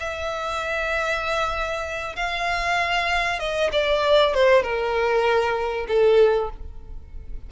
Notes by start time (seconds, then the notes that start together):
0.00 E5
2.16 F5
3.40 D#5
3.73 D5
4.34 C5
4.63 A#4
5.88 A4